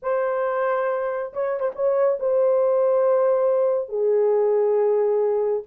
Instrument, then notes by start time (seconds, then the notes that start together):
horn
0.02 C5
1.33 C#5
1.59 C5
1.75 C#5
2.19 C5
3.88 G#4